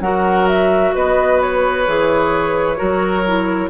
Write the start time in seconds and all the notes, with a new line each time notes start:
0.00 F#3 F#4 A#4 F#5
0.47 E5
0.94 B3 B4 D#5
1.41 C#5
1.87 E3 G#4
2.76 F#3 F#4 A#4
3.26 E4